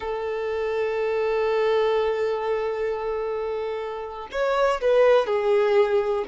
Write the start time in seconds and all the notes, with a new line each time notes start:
0.00 A4
4.31 C#5
4.81 B4
5.26 G#4